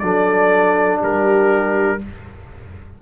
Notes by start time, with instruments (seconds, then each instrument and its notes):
0.00 tuba F#3, trombone D4, horn A4, trumpet D5
1.00 tuba G3, horn G4, trumpet A#4